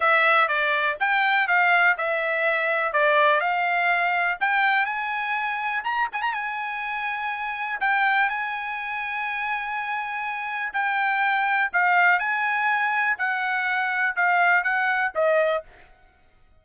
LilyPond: \new Staff \with { instrumentName = "trumpet" } { \time 4/4 \tempo 4 = 123 e''4 d''4 g''4 f''4 | e''2 d''4 f''4~ | f''4 g''4 gis''2 | ais''8 gis''16 ais''16 gis''2. |
g''4 gis''2.~ | gis''2 g''2 | f''4 gis''2 fis''4~ | fis''4 f''4 fis''4 dis''4 | }